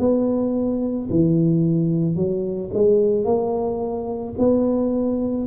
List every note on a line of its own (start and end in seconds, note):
0.00 1.09 B3
1.10 2.16 E3
2.16 2.71 F#3
2.74 3.25 G#3
3.25 4.34 A#3
4.39 5.47 B3